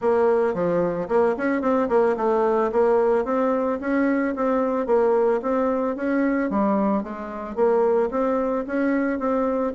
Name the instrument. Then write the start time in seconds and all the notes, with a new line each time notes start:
bassoon
0.01 A#3
0.54 F3
1.08 A#3
1.37 C#4
1.61 C4
1.88 A#3
2.16 A3
2.71 A#3
3.25 C4
3.80 C#4
4.35 C4
4.86 A#3
5.42 C4
5.96 C#4
6.50 G3
7.03 G#3
7.55 A#3
8.11 C4
8.66 C#4
9.19 C4